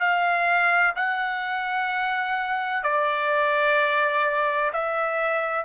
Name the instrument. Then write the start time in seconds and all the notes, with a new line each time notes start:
trumpet
0.00 F5
0.96 F#5
2.84 D5
4.73 E5